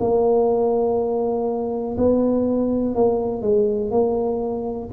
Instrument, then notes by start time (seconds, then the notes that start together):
tuba
0.00 A#3
1.97 B3
2.95 A#3
3.42 G#3
3.91 A#3